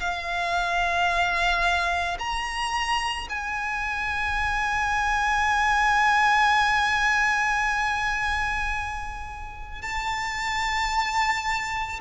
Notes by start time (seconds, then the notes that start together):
0.00 F5
2.19 A#5
3.29 G#5
9.82 A5